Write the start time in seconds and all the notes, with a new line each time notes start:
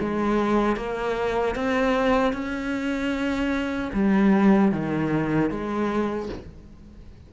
0.00 G#3
0.76 A#3
1.55 C4
2.33 C#4
3.93 G3
4.72 D#3
5.50 G#3